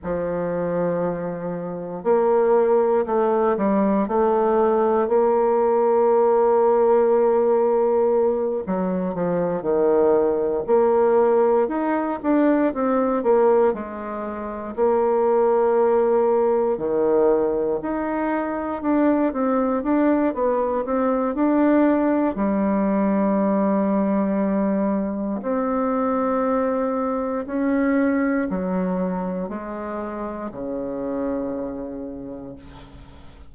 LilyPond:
\new Staff \with { instrumentName = "bassoon" } { \time 4/4 \tempo 4 = 59 f2 ais4 a8 g8 | a4 ais2.~ | ais8 fis8 f8 dis4 ais4 dis'8 | d'8 c'8 ais8 gis4 ais4.~ |
ais8 dis4 dis'4 d'8 c'8 d'8 | b8 c'8 d'4 g2~ | g4 c'2 cis'4 | fis4 gis4 cis2 | }